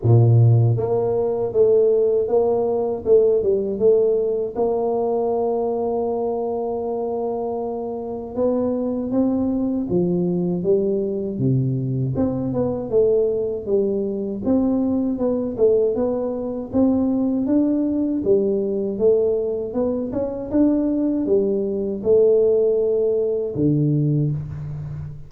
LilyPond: \new Staff \with { instrumentName = "tuba" } { \time 4/4 \tempo 4 = 79 ais,4 ais4 a4 ais4 | a8 g8 a4 ais2~ | ais2. b4 | c'4 f4 g4 c4 |
c'8 b8 a4 g4 c'4 | b8 a8 b4 c'4 d'4 | g4 a4 b8 cis'8 d'4 | g4 a2 d4 | }